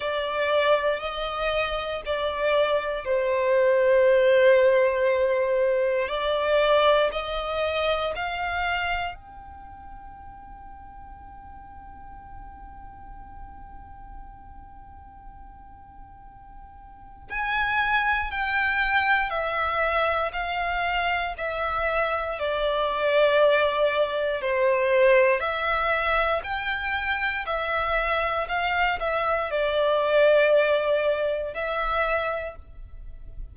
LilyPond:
\new Staff \with { instrumentName = "violin" } { \time 4/4 \tempo 4 = 59 d''4 dis''4 d''4 c''4~ | c''2 d''4 dis''4 | f''4 g''2.~ | g''1~ |
g''4 gis''4 g''4 e''4 | f''4 e''4 d''2 | c''4 e''4 g''4 e''4 | f''8 e''8 d''2 e''4 | }